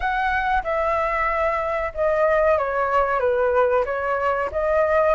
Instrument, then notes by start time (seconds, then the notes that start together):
flute
0.00 F#5
0.63 E5
1.94 D#5
2.57 C#5
3.19 B4
3.85 C#5
4.51 D#5